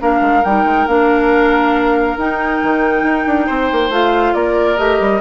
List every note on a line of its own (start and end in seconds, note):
0.00 0.21 A#3
0.00 0.43 D4
0.00 3.46 A#4
0.00 0.44 F5
0.21 0.43 G#3
0.44 0.64 G3
0.44 0.88 D#4
0.44 0.87 G5
0.64 0.86 G#3
0.87 2.17 A#3
0.87 2.18 D4
0.87 2.18 F5
2.17 2.61 D#4
2.17 3.91 D#4
2.17 3.93 G5
2.63 3.03 D#3
3.03 3.25 D#4
3.27 3.48 D4
3.46 3.71 C4
3.46 4.33 C5
3.72 3.89 A#3
3.89 4.33 A3
3.89 4.77 F4
3.89 4.34 F5
4.34 4.78 A#3
4.34 5.21 A#4
4.34 4.77 D5
4.77 5.00 A3
4.77 5.21 G4
4.77 5.21 D#5
5.00 5.21 G3